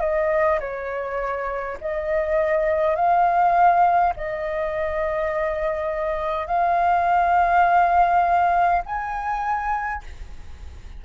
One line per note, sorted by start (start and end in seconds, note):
0.00 0.59 D#5
0.59 1.77 C#5
1.80 2.95 D#5
2.95 4.13 F5
4.16 6.47 D#5
6.47 8.82 F5
8.85 10.03 G#5